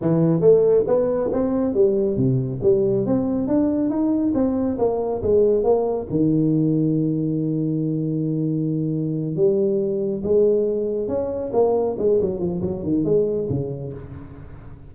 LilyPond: \new Staff \with { instrumentName = "tuba" } { \time 4/4 \tempo 4 = 138 e4 a4 b4 c'4 | g4 c4 g4 c'4 | d'4 dis'4 c'4 ais4 | gis4 ais4 dis2~ |
dis1~ | dis4. g2 gis8~ | gis4. cis'4 ais4 gis8 | fis8 f8 fis8 dis8 gis4 cis4 | }